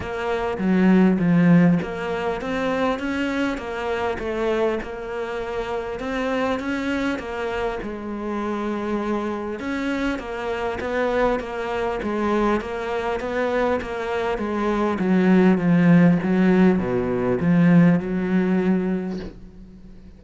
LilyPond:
\new Staff \with { instrumentName = "cello" } { \time 4/4 \tempo 4 = 100 ais4 fis4 f4 ais4 | c'4 cis'4 ais4 a4 | ais2 c'4 cis'4 | ais4 gis2. |
cis'4 ais4 b4 ais4 | gis4 ais4 b4 ais4 | gis4 fis4 f4 fis4 | b,4 f4 fis2 | }